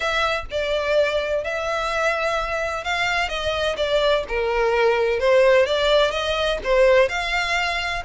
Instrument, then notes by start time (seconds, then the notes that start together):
violin
0.00 E5
0.50 D5
1.44 E5
2.84 F5
3.28 D#5
3.76 D5
4.28 A#4
5.19 C5
5.66 D5
6.11 D#5
6.64 C5
7.08 F5